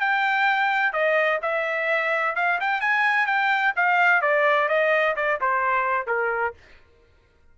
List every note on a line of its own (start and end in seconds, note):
0.00 0.93 G5
0.93 1.40 D#5
1.42 2.36 E5
2.36 2.59 F5
2.60 2.81 G5
2.81 3.26 G#5
3.26 3.73 G5
3.76 4.21 F5
4.21 4.68 D5
4.68 5.15 D#5
5.16 5.39 D5
5.41 6.07 C5
6.07 6.54 A#4